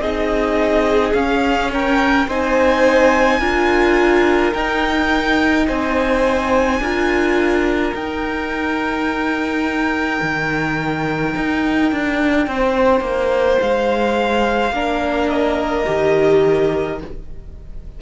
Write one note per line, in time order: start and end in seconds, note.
0.00 1.13 C4
0.00 1.15 D#4
0.00 1.71 G#4
0.00 1.14 D#5
1.14 2.27 C#4
1.14 2.28 C#4
1.14 1.71 F5
1.73 2.28 A#4
1.73 2.30 G5
2.28 3.40 C4
2.28 3.42 D#4
2.28 3.40 C5
2.28 4.54 G#5
3.40 4.53 D4
3.40 4.55 F4
3.40 5.67 A#4
4.54 5.68 D#4
4.54 6.81 D#4
4.54 5.67 G5
5.67 6.80 C4
5.67 6.81 C5
5.67 7.95 G#5
6.80 7.93 D4
6.80 7.94 F4
6.80 12.48 A#4
7.94 14.73 D#4
7.94 10.21 D#4
7.94 13.61 G5
10.22 11.36 D#3
11.37 11.92 D#4
11.92 12.47 D4
12.47 13.01 C4
12.47 14.74 C5
13.01 13.58 A#3
13.61 14.72 G#3
13.61 15.30 F5
14.72 15.85 A#3
14.72 15.86 D4
14.72 17.00 A#4
15.30 17.00 D#5
15.86 17.02 D#3
15.86 16.99 G4